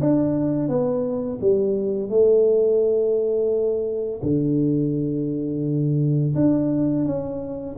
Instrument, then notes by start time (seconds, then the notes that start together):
tuba
0.00 D4
0.68 B3
1.41 G3
2.09 A3
4.23 D3
6.35 D4
7.05 C#4